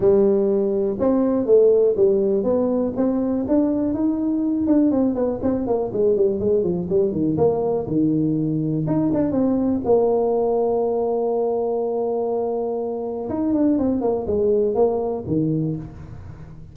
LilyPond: \new Staff \with { instrumentName = "tuba" } { \time 4/4 \tempo 4 = 122 g2 c'4 a4 | g4 b4 c'4 d'4 | dis'4. d'8 c'8 b8 c'8 ais8 | gis8 g8 gis8 f8 g8 dis8 ais4 |
dis2 dis'8 d'8 c'4 | ais1~ | ais2. dis'8 d'8 | c'8 ais8 gis4 ais4 dis4 | }